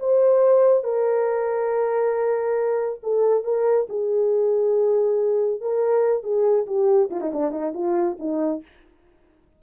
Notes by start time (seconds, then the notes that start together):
0.00 C5
0.84 A#4
3.03 A4
3.45 A#4
3.90 G#4
5.61 A#4
6.24 G#4
6.67 G4
7.11 F4
7.21 D#4
7.34 D4
7.52 D#4
7.75 F4
8.20 D#4